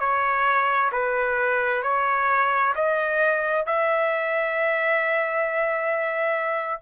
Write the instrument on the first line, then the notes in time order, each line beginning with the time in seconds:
trumpet
0.00 C#5
0.93 B4
1.83 C#5
2.75 D#5
3.66 E5